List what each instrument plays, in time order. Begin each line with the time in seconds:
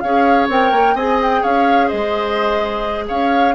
0.00 bassoon C#4, clarinet G#4, oboe C#5, flute F5
0.48 bassoon C4, clarinet A#4, flute G5
0.71 bassoon A#3
0.94 bassoon C4, clarinet G#4, oboe D#5, flute G#5
1.22 flute G5
1.42 bassoon C#4, oboe C#5, flute F5
1.87 bassoon G#3, oboe C5, flute D#5
3.08 bassoon C#4, oboe C#5, flute F5